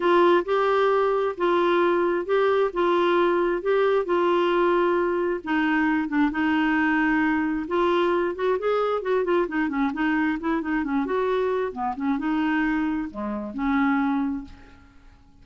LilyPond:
\new Staff \with { instrumentName = "clarinet" } { \time 4/4 \tempo 4 = 133 f'4 g'2 f'4~ | f'4 g'4 f'2 | g'4 f'2. | dis'4. d'8 dis'2~ |
dis'4 f'4. fis'8 gis'4 | fis'8 f'8 dis'8 cis'8 dis'4 e'8 dis'8 | cis'8 fis'4. b8 cis'8 dis'4~ | dis'4 gis4 cis'2 | }